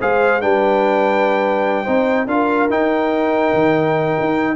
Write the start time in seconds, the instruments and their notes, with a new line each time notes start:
0.00 tuba G#3, trombone G#4, horn C5, trumpet F5
0.41 tuba G3, trombone D4, horn B4, trumpet G5
1.84 tuba C4, trombone D#4, horn C5
2.26 tuba D4, trombone F4, horn A#4, trumpet F5
2.69 trombone D#4, tuba D#4, trumpet G5
3.53 tuba D#3
4.19 tuba D#4